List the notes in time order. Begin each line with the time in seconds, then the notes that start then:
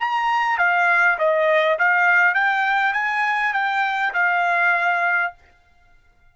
0.00 A#5
0.58 F5
1.18 D#5
1.79 F5
2.34 G5
2.93 G#5
3.53 G5
4.14 F5